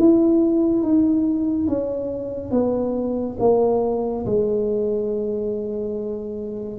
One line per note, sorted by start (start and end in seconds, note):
0.00 0.83 E4
0.83 1.68 D#4
1.68 2.52 C#4
2.52 3.37 B3
3.40 4.26 A#3
4.26 6.79 G#3